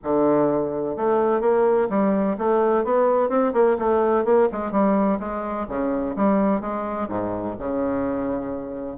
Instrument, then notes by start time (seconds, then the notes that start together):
bassoon
0.03 D3
0.96 A3
1.40 A#3
1.89 G3
2.38 A3
2.84 B3
3.29 C4
3.53 A#3
3.78 A3
4.24 A#3
4.52 G#3
4.71 G3
5.19 G#3
5.68 C#3
6.15 G3
6.60 G#3
7.08 G#2
7.58 C#3